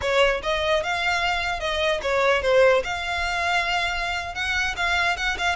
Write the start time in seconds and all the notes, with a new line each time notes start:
0.01 C#5
0.42 D#5
0.83 F5
1.60 D#5
2.02 C#5
2.42 C5
2.83 F5
4.34 F#5
4.76 F5
5.17 F#5
5.38 F5